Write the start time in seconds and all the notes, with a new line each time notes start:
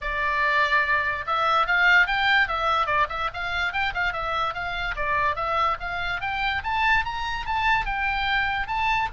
0.01 D5
1.26 E5
1.66 F5
2.06 G5
2.48 E5
2.86 D5
3.09 E5
3.33 F5
3.72 G5
3.93 F5
4.12 E5
4.53 F5
4.96 D5
5.35 E5
5.79 F5
6.21 G5
6.63 A5
7.04 A#5
7.46 A5
7.85 G5
8.67 A5